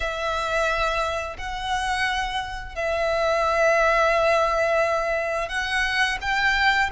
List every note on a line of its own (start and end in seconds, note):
0.00 1.36 E5
1.37 2.75 F#5
2.75 5.49 E5
5.49 6.18 F#5
6.21 6.90 G5